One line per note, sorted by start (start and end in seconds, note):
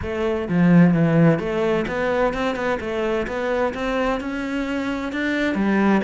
0.01 0.48 A3
0.49 0.93 F3
0.93 1.39 E3
1.39 1.85 A3
1.87 2.33 B3
2.33 2.55 C4
2.55 2.78 B3
2.80 3.26 A3
3.27 3.73 B3
3.74 4.20 C4
4.20 5.12 C#4
5.12 5.54 D4
5.54 6.01 G3